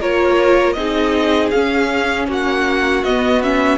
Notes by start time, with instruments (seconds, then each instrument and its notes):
0.00 cello A#3, viola F4, violin A#4 C#5
0.73 cello C4, viola D#4, violin G#4 D#5
1.50 viola C#4, cello C#4, violin F5
2.28 cello A#3, violin F#4 F#5
3.03 cello B3, viola B3, violin D#5
3.42 viola C#4, violin E5